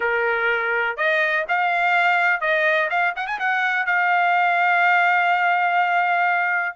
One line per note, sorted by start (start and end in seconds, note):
0.00 0.96 A#4
0.97 1.45 D#5
1.48 2.40 F5
2.40 2.89 D#5
2.89 3.14 F5
3.16 3.26 F#5
3.26 3.38 G#5
3.39 3.86 F#5
3.86 6.76 F5